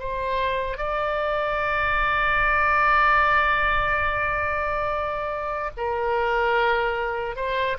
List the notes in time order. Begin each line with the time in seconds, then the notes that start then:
0.00 C5
0.78 D5
5.78 A#4
7.36 C5